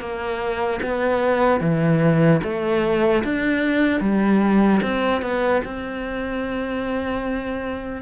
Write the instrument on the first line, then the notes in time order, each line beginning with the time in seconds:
cello
0.00 A#3
0.82 B3
1.60 E3
2.43 A3
3.23 D4
4.00 G3
4.82 C4
5.21 B3
5.64 C4